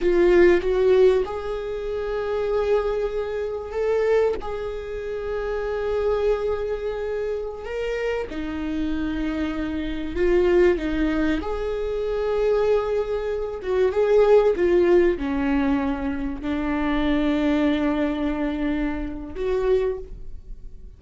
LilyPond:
\new Staff \with { instrumentName = "viola" } { \time 4/4 \tempo 4 = 96 f'4 fis'4 gis'2~ | gis'2 a'4 gis'4~ | gis'1~ | gis'16 ais'4 dis'2~ dis'8.~ |
dis'16 f'4 dis'4 gis'4.~ gis'16~ | gis'4.~ gis'16 fis'8 gis'4 f'8.~ | f'16 cis'2 d'4.~ d'16~ | d'2. fis'4 | }